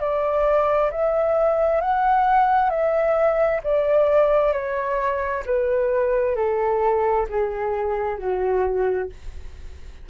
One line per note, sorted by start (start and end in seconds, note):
0.00 0.91 D5
0.91 1.81 E5
1.81 2.70 F#5
2.70 3.61 E5
3.63 4.53 D5
4.53 5.44 C#5
5.46 6.36 B4
6.36 7.27 A4
7.29 8.19 G#4
8.19 9.10 F#4